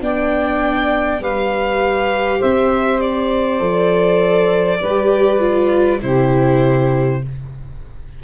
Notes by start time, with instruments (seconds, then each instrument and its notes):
0.00 tuba B3, viola D4, saxophone D5, violin G5
1.20 tuba G3, viola G4, saxophone B4, violin F5
2.39 tuba C4, saxophone C5, violin E5
3.00 violin D5
3.59 tuba F3, viola A4
4.80 tuba G3, viola G4, saxophone B4
5.40 viola F4
6.00 tuba C3, viola E4, saxophone G4, violin C5